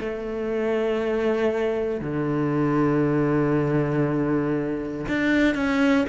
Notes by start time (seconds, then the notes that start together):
0.00 A3
2.01 D3
5.08 D4
5.55 C#4